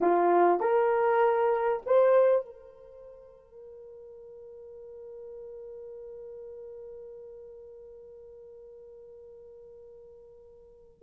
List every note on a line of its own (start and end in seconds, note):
0.00 0.60 F4
0.60 1.82 A#4
1.85 2.45 C5
2.45 11.02 A#4